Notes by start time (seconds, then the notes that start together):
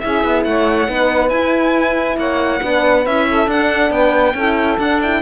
0.00 C#4 E4 G#4 E5
0.24 B3
0.44 A3 C#5 F#5
0.88 B3 D#4 B4
1.30 E4 G#5
2.17 A#3 C#5 F#5
2.63 B3 D4 B4
3.07 C#4 E4 E5
3.29 A4
3.47 D4 F#5
3.91 B3 B4 G5
4.35 C#4 E4 A4
4.79 D4 F#5
5.02 E4 G5